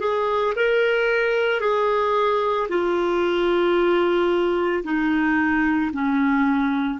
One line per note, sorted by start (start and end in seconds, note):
0.00 0.54 G#4
0.56 1.61 A#4
1.61 2.68 G#4
2.69 4.84 F4
4.84 5.91 D#4
5.93 7.00 C#4